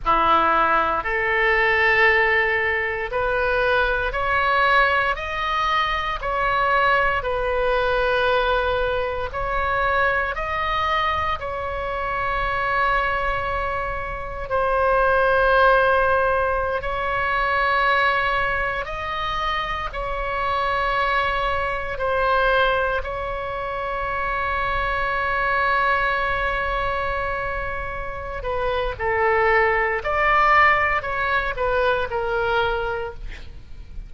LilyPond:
\new Staff \with { instrumentName = "oboe" } { \time 4/4 \tempo 4 = 58 e'4 a'2 b'4 | cis''4 dis''4 cis''4 b'4~ | b'4 cis''4 dis''4 cis''4~ | cis''2 c''2~ |
c''16 cis''2 dis''4 cis''8.~ | cis''4~ cis''16 c''4 cis''4.~ cis''16~ | cis''2.~ cis''8 b'8 | a'4 d''4 cis''8 b'8 ais'4 | }